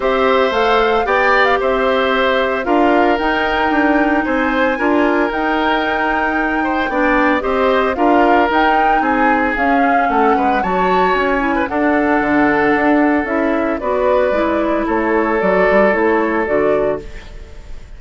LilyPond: <<
  \new Staff \with { instrumentName = "flute" } { \time 4/4 \tempo 4 = 113 e''4 f''4 g''8. f''16 e''4~ | e''4 f''4 g''2 | gis''2 g''2~ | g''2 dis''4 f''4 |
g''4 gis''4 f''4 fis''4 | a''4 gis''4 fis''2~ | fis''4 e''4 d''2 | cis''4 d''4 cis''4 d''4 | }
  \new Staff \with { instrumentName = "oboe" } { \time 4/4 c''2 d''4 c''4~ | c''4 ais'2. | c''4 ais'2.~ | ais'8 c''8 d''4 c''4 ais'4~ |
ais'4 gis'2 a'8 b'8 | cis''4.~ cis''16 b'16 a'2~ | a'2 b'2 | a'1 | }
  \new Staff \with { instrumentName = "clarinet" } { \time 4/4 g'4 a'4 g'2~ | g'4 f'4 dis'2~ | dis'4 f'4 dis'2~ | dis'4 d'4 g'4 f'4 |
dis'2 cis'2 | fis'4. e'8 d'2~ | d'4 e'4 fis'4 e'4~ | e'4 fis'4 e'4 fis'4 | }
  \new Staff \with { instrumentName = "bassoon" } { \time 4/4 c'4 a4 b4 c'4~ | c'4 d'4 dis'4 d'4 | c'4 d'4 dis'2~ | dis'4 b4 c'4 d'4 |
dis'4 c'4 cis'4 a8 gis8 | fis4 cis'4 d'4 d4 | d'4 cis'4 b4 gis4 | a4 fis8 g8 a4 d4 | }
>>